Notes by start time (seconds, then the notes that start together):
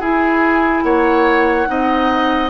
0.00 E4 G#4 G#5
0.83 A#3 C#5 F#5
1.66 C4 D#4 D#5